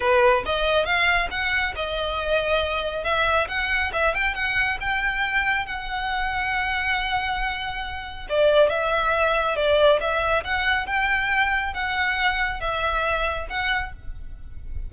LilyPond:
\new Staff \with { instrumentName = "violin" } { \time 4/4 \tempo 4 = 138 b'4 dis''4 f''4 fis''4 | dis''2. e''4 | fis''4 e''8 g''8 fis''4 g''4~ | g''4 fis''2.~ |
fis''2. d''4 | e''2 d''4 e''4 | fis''4 g''2 fis''4~ | fis''4 e''2 fis''4 | }